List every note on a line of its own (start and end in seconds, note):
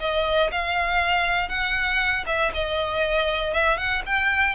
0.00 0.50 D#5
0.52 1.49 F5
1.49 2.24 F#5
2.26 2.51 E5
2.54 3.54 D#5
3.54 3.77 E5
3.77 4.02 F#5
4.06 4.55 G5